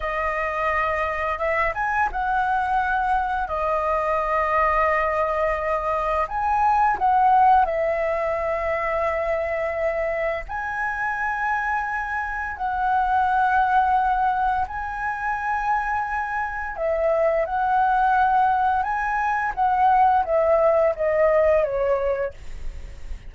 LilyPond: \new Staff \with { instrumentName = "flute" } { \time 4/4 \tempo 4 = 86 dis''2 e''8 gis''8 fis''4~ | fis''4 dis''2.~ | dis''4 gis''4 fis''4 e''4~ | e''2. gis''4~ |
gis''2 fis''2~ | fis''4 gis''2. | e''4 fis''2 gis''4 | fis''4 e''4 dis''4 cis''4 | }